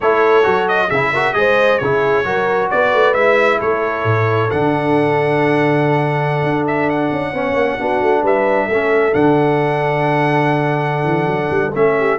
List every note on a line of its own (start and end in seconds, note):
0.00 0.45 A3
0.00 0.43 E4
0.00 0.88 A4
0.00 0.68 C#5
0.43 0.90 F#3
0.43 0.88 F#4
0.68 0.90 D#5
0.88 1.34 C#3
0.88 1.10 G#4
0.88 1.33 E5
0.94 1.14 E4
1.12 1.34 F#4
1.12 1.35 A#4
1.33 1.79 G#3
1.33 1.79 G#4
1.33 1.82 C5
1.33 1.78 D#5
1.78 2.24 C#3
1.78 2.24 E4
1.78 2.25 G#4
1.78 2.68 C#5
2.24 2.69 F#3
2.24 3.14 F#4
2.24 2.70 A#4
2.70 2.93 B3
2.70 3.59 B4
2.70 3.14 D5
2.93 3.14 A3
3.14 3.59 G#3
3.14 4.50 E4
3.14 3.59 E5
3.59 4.04 A3
3.59 7.31 A4
3.59 4.50 C#5
4.04 4.49 A2
4.50 6.42 D3
4.50 7.34 D4
4.50 6.64 F#5
6.42 7.10 D4
6.67 6.89 E5
6.89 8.24 F#5
7.11 7.32 C#4
7.32 7.53 B3
7.32 7.79 C#4
7.32 7.78 C#5
7.53 7.76 A#3
7.79 8.01 B3
7.79 8.69 D4
7.79 8.22 F#4
8.01 8.22 A3
8.22 8.68 G3
8.22 8.66 B4
8.22 9.14 E5
8.66 9.13 A3
8.66 11.93 A4
8.72 9.12 C#4
9.12 11.03 D3
9.12 11.71 D4
9.12 11.73 F#5
11.03 11.26 E3
11.26 11.48 F#3
11.50 11.73 G3
11.74 12.18 A3
11.74 12.18 C#4
11.74 12.18 E5
11.98 12.18 G4